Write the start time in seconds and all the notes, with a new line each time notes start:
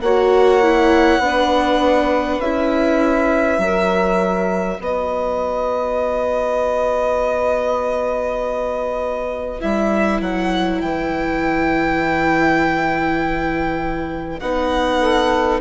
0.00 A#3 F#4 C#5 F#5
0.62 E4
1.18 B3 D4 B4
2.39 C#4 E4 E5
3.58 F#3 F#4 A#4
4.79 B3 B4 D#5
9.60 G3 E4 E5
10.20 F#3 F#5
10.80 E3 G5
14.39 B3 D#4 F#5
15.00 A4